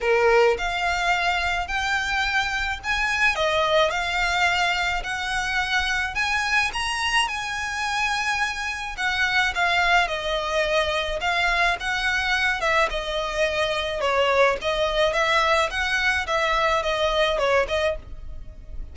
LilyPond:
\new Staff \with { instrumentName = "violin" } { \time 4/4 \tempo 4 = 107 ais'4 f''2 g''4~ | g''4 gis''4 dis''4 f''4~ | f''4 fis''2 gis''4 | ais''4 gis''2. |
fis''4 f''4 dis''2 | f''4 fis''4. e''8 dis''4~ | dis''4 cis''4 dis''4 e''4 | fis''4 e''4 dis''4 cis''8 dis''8 | }